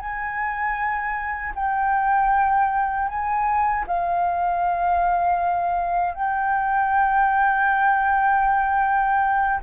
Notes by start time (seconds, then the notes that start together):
0.00 G#5
1.56 G5
3.09 G#5
3.87 F5
6.15 G5